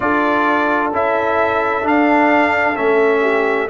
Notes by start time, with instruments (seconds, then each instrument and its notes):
0.00 tuba D4, trombone F4, horn A4, trumpet D5
0.92 tuba C#4, trombone E4, trumpet E5
1.82 trombone D4, tuba D4, trumpet F5
2.75 tuba A3, trombone C#4, trumpet E5
3.22 horn G4